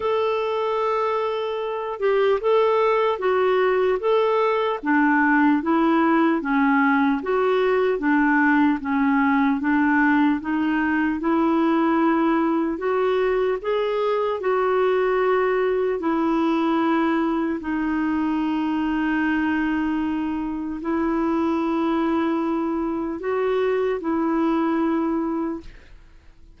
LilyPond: \new Staff \with { instrumentName = "clarinet" } { \time 4/4 \tempo 4 = 75 a'2~ a'8 g'8 a'4 | fis'4 a'4 d'4 e'4 | cis'4 fis'4 d'4 cis'4 | d'4 dis'4 e'2 |
fis'4 gis'4 fis'2 | e'2 dis'2~ | dis'2 e'2~ | e'4 fis'4 e'2 | }